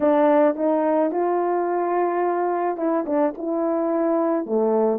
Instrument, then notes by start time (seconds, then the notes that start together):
horn
0.00 D4
0.55 D#4
1.11 F4
2.77 E4
3.06 D4
3.37 E4
4.45 A3